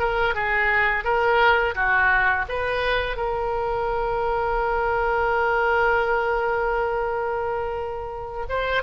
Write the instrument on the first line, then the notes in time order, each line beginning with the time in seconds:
oboe
0.00 A#4
0.35 G#4
1.05 A#4
1.75 F#4
2.49 B4
3.17 A#4
8.50 C5